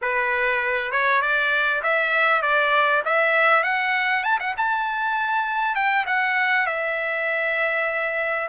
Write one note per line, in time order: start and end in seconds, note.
0.01 0.91 B4
0.91 1.21 C#5
1.21 1.82 D5
1.82 2.42 E5
2.42 3.02 D5
3.05 3.63 E5
3.63 4.23 F#5
4.23 4.39 A5
4.39 4.55 F#5
4.57 5.75 A5
5.75 6.05 G5
6.06 6.66 F#5
6.66 8.48 E5